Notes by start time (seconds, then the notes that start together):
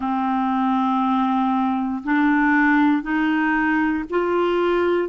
0.00 C4
2.03 D4
3.02 D#4
4.10 F4